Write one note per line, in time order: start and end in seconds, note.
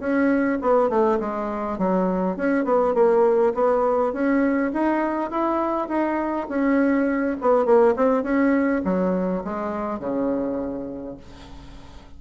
0.00 0.59 C#4
0.61 0.89 B3
0.89 1.19 A3
1.20 1.78 G#3
1.78 2.37 F#3
2.37 2.65 C#4
2.65 2.94 B3
2.94 3.53 A#3
3.54 4.13 B3
4.13 4.72 C#4
4.73 5.30 D#4
5.30 5.89 E4
5.89 6.47 D#4
6.48 7.37 C#4
7.41 7.65 B3
7.65 7.95 A#3
7.96 8.23 C4
8.23 8.82 C#4
8.84 9.43 F#3
9.44 9.99 G#3
9.99 11.17 C#3